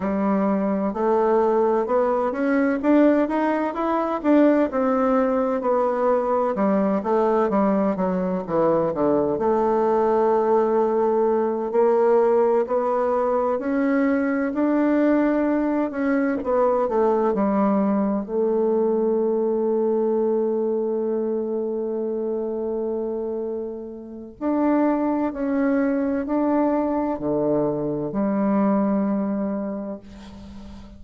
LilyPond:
\new Staff \with { instrumentName = "bassoon" } { \time 4/4 \tempo 4 = 64 g4 a4 b8 cis'8 d'8 dis'8 | e'8 d'8 c'4 b4 g8 a8 | g8 fis8 e8 d8 a2~ | a8 ais4 b4 cis'4 d'8~ |
d'4 cis'8 b8 a8 g4 a8~ | a1~ | a2 d'4 cis'4 | d'4 d4 g2 | }